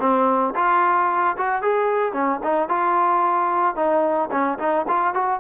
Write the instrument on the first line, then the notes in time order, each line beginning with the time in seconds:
trombone
0.00 C4
0.55 F4
1.37 F#4
1.62 G#4
2.13 C#4
2.43 D#4
2.69 F4
3.76 D#4
4.31 C#4
4.59 D#4
4.88 F4
5.14 F#4